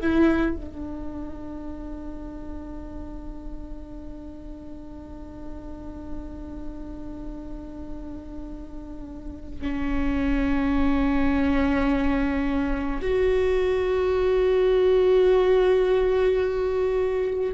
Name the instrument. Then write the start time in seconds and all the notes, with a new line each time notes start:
viola
0.00 E4
0.56 D4
9.61 C#4
13.01 F#4